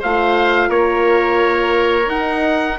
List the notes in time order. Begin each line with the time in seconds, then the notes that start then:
0.00 A3 F4 C5 F5
0.69 A#3 A#4 C#5
2.06 D#4 F#5